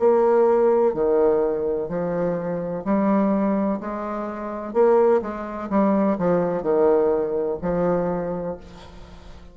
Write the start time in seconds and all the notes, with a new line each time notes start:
0.00 A#3
0.94 D#3
1.89 F3
2.85 G3
3.81 G#3
4.74 A#3
5.22 G#3
5.70 G3
6.19 F3
6.63 D#3
7.62 F3